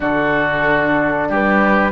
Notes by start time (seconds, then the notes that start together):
0.00 D3 D4 F#4 A4
1.28 G3 G4 B4